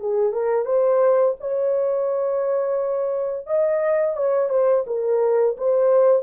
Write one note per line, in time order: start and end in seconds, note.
0.00 0.33 G#4
0.33 0.66 A#4
0.66 1.35 C5
1.40 3.47 C#5
3.47 4.16 D#5
4.17 4.50 C#5
4.50 4.85 C5
4.87 5.57 A#4
5.58 6.23 C5